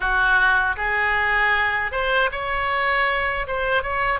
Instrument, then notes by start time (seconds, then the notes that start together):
oboe
0.00 F#4
0.76 G#4
1.91 C5
2.31 C#5
3.47 C5
3.82 C#5